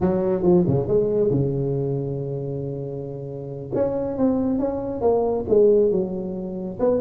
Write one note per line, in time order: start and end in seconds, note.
0.00 0.42 F#3
0.42 0.64 F3
0.67 0.87 C#3
0.87 1.30 G#3
1.30 3.71 C#3
3.74 4.17 C#4
4.17 4.59 C4
4.59 5.01 C#4
5.01 5.45 A#3
5.48 5.91 G#3
5.91 6.78 F#3
6.79 7.01 B3